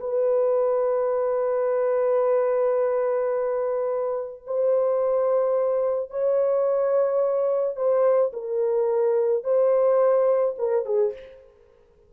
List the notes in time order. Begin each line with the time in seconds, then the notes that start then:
0.00 B4
4.47 C5
6.10 C#5
7.77 C5
8.33 A#4
9.44 C5
10.58 A#4
10.85 G#4